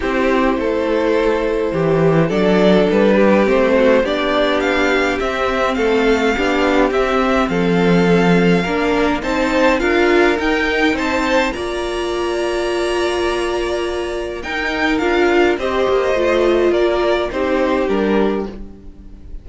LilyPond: <<
  \new Staff \with { instrumentName = "violin" } { \time 4/4 \tempo 4 = 104 c''1 | d''4 b'4 c''4 d''4 | f''4 e''4 f''2 | e''4 f''2. |
a''4 f''4 g''4 a''4 | ais''1~ | ais''4 g''4 f''4 dis''4~ | dis''4 d''4 c''4 ais'4 | }
  \new Staff \with { instrumentName = "violin" } { \time 4/4 g'4 a'2 g'4 | a'4. g'4 fis'8 g'4~ | g'2 a'4 g'4~ | g'4 a'2 ais'4 |
c''4 ais'2 c''4 | d''1~ | d''4 ais'2 c''4~ | c''4 ais'4 g'2 | }
  \new Staff \with { instrumentName = "viola" } { \time 4/4 e'1 | d'2 c'4 d'4~ | d'4 c'2 d'4 | c'2. d'4 |
dis'4 f'4 dis'2 | f'1~ | f'4 dis'4 f'4 g'4 | f'2 dis'4 d'4 | }
  \new Staff \with { instrumentName = "cello" } { \time 4/4 c'4 a2 e4 | fis4 g4 a4 b4~ | b4 c'4 a4 b4 | c'4 f2 ais4 |
c'4 d'4 dis'4 c'4 | ais1~ | ais4 dis'4 d'4 c'8 ais8 | a4 ais4 c'4 g4 | }
>>